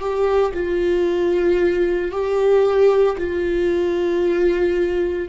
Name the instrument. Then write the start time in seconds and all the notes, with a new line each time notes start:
viola
0.00 G4
0.55 F4
2.12 G4
3.18 F4